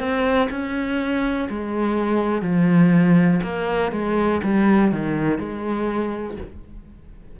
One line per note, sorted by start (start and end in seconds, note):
0.00 0.49 C4
0.51 1.49 C#4
1.50 2.42 G#3
2.42 3.41 F3
3.43 3.92 A#3
3.92 4.41 G#3
4.44 4.92 G3
4.92 5.39 D#3
5.39 6.38 G#3